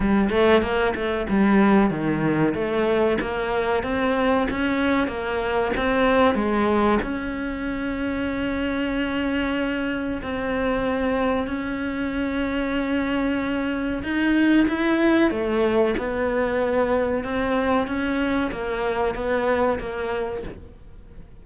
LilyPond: \new Staff \with { instrumentName = "cello" } { \time 4/4 \tempo 4 = 94 g8 a8 ais8 a8 g4 dis4 | a4 ais4 c'4 cis'4 | ais4 c'4 gis4 cis'4~ | cis'1 |
c'2 cis'2~ | cis'2 dis'4 e'4 | a4 b2 c'4 | cis'4 ais4 b4 ais4 | }